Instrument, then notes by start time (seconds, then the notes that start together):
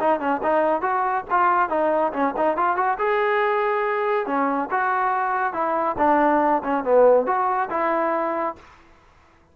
trombone
0.00 D#4
0.20 C#4
0.43 D#4
0.81 F#4
1.30 F4
1.69 D#4
2.13 C#4
2.37 D#4
2.57 F4
2.76 F#4
2.98 G#4
4.26 C#4
4.71 F#4
5.53 E4
5.98 D4
6.63 C#4
6.84 B3
7.26 F#4
7.70 E4